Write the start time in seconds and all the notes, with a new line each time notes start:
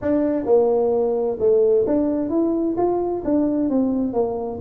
0.01 D4
0.45 A#3
1.39 A3
1.86 D4
2.29 E4
2.77 F4
3.24 D4
3.69 C4
4.13 A#3